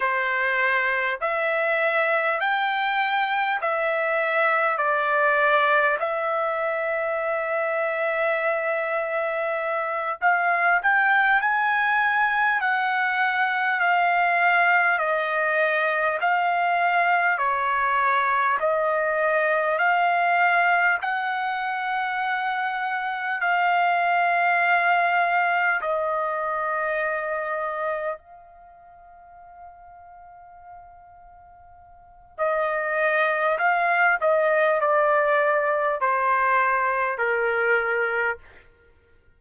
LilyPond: \new Staff \with { instrumentName = "trumpet" } { \time 4/4 \tempo 4 = 50 c''4 e''4 g''4 e''4 | d''4 e''2.~ | e''8 f''8 g''8 gis''4 fis''4 f''8~ | f''8 dis''4 f''4 cis''4 dis''8~ |
dis''8 f''4 fis''2 f''8~ | f''4. dis''2 f''8~ | f''2. dis''4 | f''8 dis''8 d''4 c''4 ais'4 | }